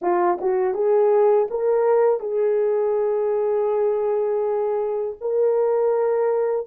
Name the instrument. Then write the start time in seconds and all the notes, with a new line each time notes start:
horn
0.01 F4
0.40 F#4
0.73 G#4
1.50 A#4
2.20 G#4
5.20 A#4